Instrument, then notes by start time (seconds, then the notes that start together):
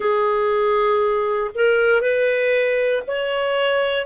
clarinet
0.00 G#4
1.54 A#4
2.01 B4
3.07 C#5